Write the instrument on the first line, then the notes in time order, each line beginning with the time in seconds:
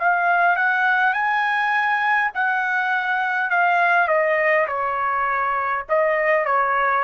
trumpet
0.00 F5
0.57 F#5
1.13 G#5
2.34 F#5
3.50 F5
4.08 D#5
4.68 C#5
5.89 D#5
6.45 C#5